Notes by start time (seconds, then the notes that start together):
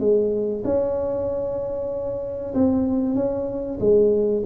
0.00 G#3
0.65 C#4
2.55 C4
3.16 C#4
3.80 G#3